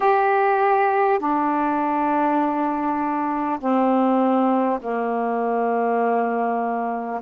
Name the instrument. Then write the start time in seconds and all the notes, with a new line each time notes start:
saxophone
0.00 G4
1.19 D4
3.59 C4
4.81 A#3